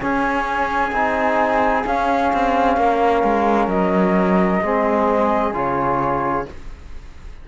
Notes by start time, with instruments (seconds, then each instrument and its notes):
0.00 trombone C#4, cello C#4, flute G#4 G#5
0.92 cello C4, trombone D#4
1.86 trombone C#4, cello C#4, flute F5
2.33 cello C4
2.77 cello A#3, flute A#4
3.24 cello G#3
3.68 cello F#3, flute D#5
4.63 cello G#3, trombone C4, flute G#4
5.53 cello C#3, trombone F4, flute C#5